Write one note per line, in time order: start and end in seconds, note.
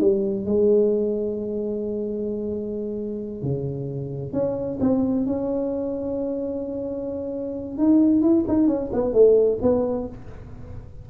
0.00 0.45 G3
0.45 3.42 G#3
3.42 4.32 C#3
4.32 4.78 C#4
4.80 5.26 C4
5.26 7.77 C#4
7.77 8.22 D#4
8.22 8.44 E4
8.48 8.67 D#4
8.67 8.90 C#4
8.92 9.13 B3
9.13 9.59 A3
9.62 10.07 B3